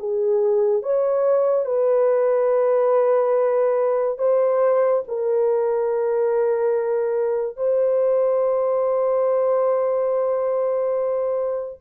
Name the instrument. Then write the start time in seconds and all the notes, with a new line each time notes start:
horn
0.00 G#4
0.83 C#5
1.66 B4
4.19 C5
5.08 A#4
7.57 C5